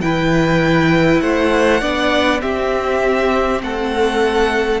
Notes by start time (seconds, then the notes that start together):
0.00 E3 E4 B4 G5
1.20 A3 C5 F#5
1.80 B3 D4 D5
2.40 C4 G4 E5
3.61 A3 A4 F#5